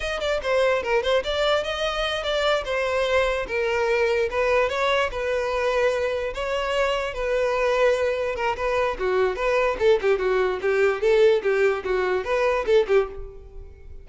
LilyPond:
\new Staff \with { instrumentName = "violin" } { \time 4/4 \tempo 4 = 147 dis''8 d''8 c''4 ais'8 c''8 d''4 | dis''4. d''4 c''4.~ | c''8 ais'2 b'4 cis''8~ | cis''8 b'2. cis''8~ |
cis''4. b'2~ b'8~ | b'8 ais'8 b'4 fis'4 b'4 | a'8 g'8 fis'4 g'4 a'4 | g'4 fis'4 b'4 a'8 g'8 | }